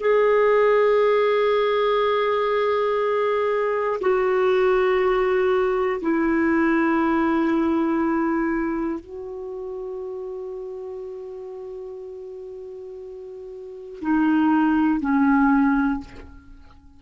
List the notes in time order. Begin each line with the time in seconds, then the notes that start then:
0.00 G#4
4.00 F#4
6.01 E4
9.00 F#4
14.01 D#4
15.00 C#4